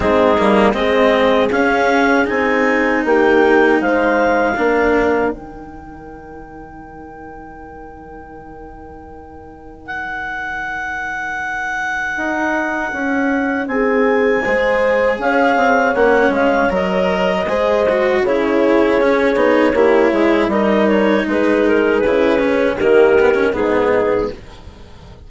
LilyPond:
<<
  \new Staff \with { instrumentName = "clarinet" } { \time 4/4 \tempo 4 = 79 gis'4 dis''4 f''4 gis''4 | g''4 f''2 g''4~ | g''1~ | g''4 fis''2.~ |
fis''2 gis''2 | f''4 fis''8 f''8 dis''2 | cis''2. dis''8 cis''8 | b'8 ais'8 b'4 ais'4 gis'4 | }
  \new Staff \with { instrumentName = "horn" } { \time 4/4 dis'4 gis'2. | g'4 c''4 ais'2~ | ais'1~ | ais'1~ |
ais'2 gis'4 c''4 | cis''2. c''4 | gis'2 g'8 gis'8 ais'4 | gis'2 g'4 dis'4 | }
  \new Staff \with { instrumentName = "cello" } { \time 4/4 c'8 ais8 c'4 cis'4 dis'4~ | dis'2 d'4 dis'4~ | dis'1~ | dis'1~ |
dis'2. gis'4~ | gis'4 cis'4 ais'4 gis'8 fis'8 | e'4 cis'8 dis'8 e'4 dis'4~ | dis'4 e'8 cis'8 ais8 b16 cis'16 b4 | }
  \new Staff \with { instrumentName = "bassoon" } { \time 4/4 gis8 g8 gis4 cis'4 c'4 | ais4 gis4 ais4 dis4~ | dis1~ | dis1 |
dis'4 cis'4 c'4 gis4 | cis'8 c'8 ais8 gis8 fis4 gis4 | cis4 cis'8 b8 ais8 gis8 g4 | gis4 cis4 dis4 gis,4 | }
>>